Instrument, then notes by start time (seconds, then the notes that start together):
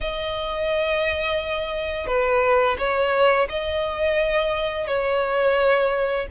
violin
0.01 D#5
2.06 B4
2.78 C#5
3.49 D#5
4.87 C#5